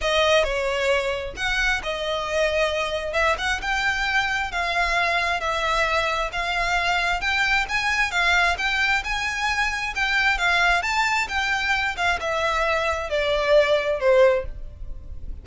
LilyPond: \new Staff \with { instrumentName = "violin" } { \time 4/4 \tempo 4 = 133 dis''4 cis''2 fis''4 | dis''2. e''8 fis''8 | g''2 f''2 | e''2 f''2 |
g''4 gis''4 f''4 g''4 | gis''2 g''4 f''4 | a''4 g''4. f''8 e''4~ | e''4 d''2 c''4 | }